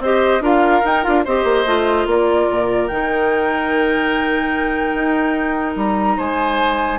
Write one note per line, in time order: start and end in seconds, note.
0.00 0.41 C4
0.00 0.42 G4
0.00 0.43 C5
0.00 0.45 D#5
0.41 0.82 D4
0.41 0.83 F4
0.41 1.25 A#4
0.41 0.87 F5
0.85 1.05 D#4
0.85 1.04 D#4
0.85 1.04 G5
1.04 1.27 D4
1.04 1.25 F4
1.04 1.25 F5
1.25 1.45 C4
1.25 1.67 G4
1.25 2.07 C5
1.25 2.08 D#5
1.45 1.65 A#3
1.66 2.06 A3
1.66 2.90 F4
2.06 2.48 A#3
2.06 6.17 A#4
2.06 2.88 D5
2.51 2.91 A#2
2.88 4.95 D#3
2.88 7.00 D#4
2.88 5.76 G5
4.95 5.76 D#4
5.76 6.17 G3
5.76 6.20 A#5
6.17 7.00 G#3
6.17 7.00 C5
6.17 7.00 G#5